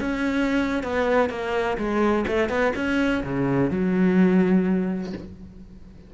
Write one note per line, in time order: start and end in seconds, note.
0.00 0.83 C#4
0.83 1.29 B3
1.29 1.77 A#3
1.77 2.25 G#3
2.27 2.49 A3
2.49 2.73 B3
2.75 3.23 C#4
3.23 3.71 C#3
3.71 5.13 F#3